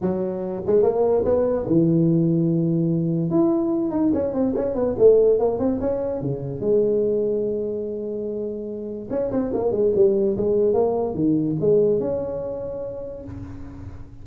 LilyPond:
\new Staff \with { instrumentName = "tuba" } { \time 4/4 \tempo 4 = 145 fis4. gis8 ais4 b4 | e1 | e'4. dis'8 cis'8 c'8 cis'8 b8 | a4 ais8 c'8 cis'4 cis4 |
gis1~ | gis2 cis'8 c'8 ais8 gis8 | g4 gis4 ais4 dis4 | gis4 cis'2. | }